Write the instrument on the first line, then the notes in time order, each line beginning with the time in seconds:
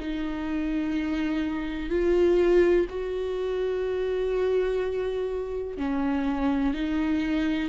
viola
0.00 D#4
1.90 F4
2.89 F#4
5.78 C#4
6.74 D#4